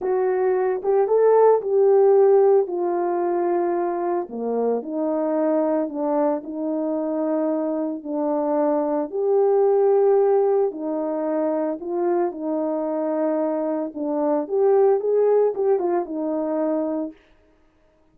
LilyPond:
\new Staff \with { instrumentName = "horn" } { \time 4/4 \tempo 4 = 112 fis'4. g'8 a'4 g'4~ | g'4 f'2. | ais4 dis'2 d'4 | dis'2. d'4~ |
d'4 g'2. | dis'2 f'4 dis'4~ | dis'2 d'4 g'4 | gis'4 g'8 f'8 dis'2 | }